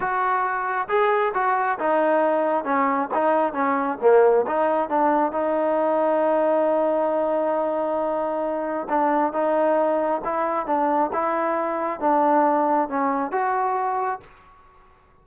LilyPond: \new Staff \with { instrumentName = "trombone" } { \time 4/4 \tempo 4 = 135 fis'2 gis'4 fis'4 | dis'2 cis'4 dis'4 | cis'4 ais4 dis'4 d'4 | dis'1~ |
dis'1 | d'4 dis'2 e'4 | d'4 e'2 d'4~ | d'4 cis'4 fis'2 | }